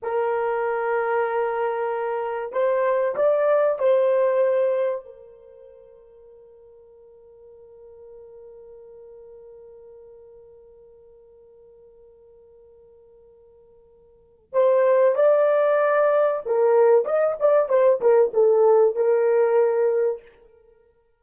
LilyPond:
\new Staff \with { instrumentName = "horn" } { \time 4/4 \tempo 4 = 95 ais'1 | c''4 d''4 c''2 | ais'1~ | ais'1~ |
ais'1~ | ais'2. c''4 | d''2 ais'4 dis''8 d''8 | c''8 ais'8 a'4 ais'2 | }